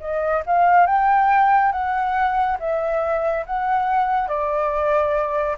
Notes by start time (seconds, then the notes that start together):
0.00 D#5
0.46 F5
0.86 G5
1.72 F#5
2.59 E5
3.46 F#5
4.28 D5